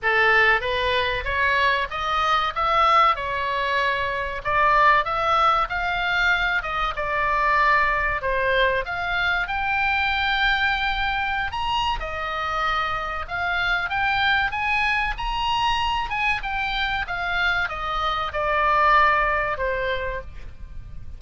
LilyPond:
\new Staff \with { instrumentName = "oboe" } { \time 4/4 \tempo 4 = 95 a'4 b'4 cis''4 dis''4 | e''4 cis''2 d''4 | e''4 f''4. dis''8 d''4~ | d''4 c''4 f''4 g''4~ |
g''2~ g''16 ais''8. dis''4~ | dis''4 f''4 g''4 gis''4 | ais''4. gis''8 g''4 f''4 | dis''4 d''2 c''4 | }